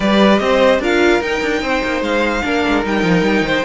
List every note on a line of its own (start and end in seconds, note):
0.00 0.40 G3
0.00 0.82 G4
0.00 0.41 B4
0.00 0.38 D5
0.38 0.79 C4
0.38 0.80 C5
0.38 0.79 D#5
0.79 1.19 D4
0.79 1.21 F4
0.79 1.62 A#4
0.79 1.21 F5
1.21 1.41 D#4
1.21 2.43 D#4
1.21 2.03 G5
1.42 1.61 D4
1.61 1.82 C4
1.61 2.43 C5
1.83 2.01 A#3
2.01 2.41 G#3
2.01 2.84 F5
2.43 2.65 A#3
2.43 2.83 D4
2.43 3.45 A#4
2.67 2.85 G#3
2.83 3.03 G3
2.83 3.64 D#4
2.83 3.64 G5
3.03 3.21 F3
3.21 3.41 G3
3.41 3.61 D#3
3.41 3.64 C5